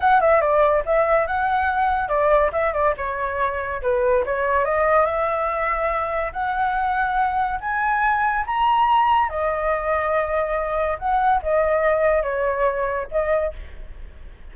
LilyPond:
\new Staff \with { instrumentName = "flute" } { \time 4/4 \tempo 4 = 142 fis''8 e''8 d''4 e''4 fis''4~ | fis''4 d''4 e''8 d''8 cis''4~ | cis''4 b'4 cis''4 dis''4 | e''2. fis''4~ |
fis''2 gis''2 | ais''2 dis''2~ | dis''2 fis''4 dis''4~ | dis''4 cis''2 dis''4 | }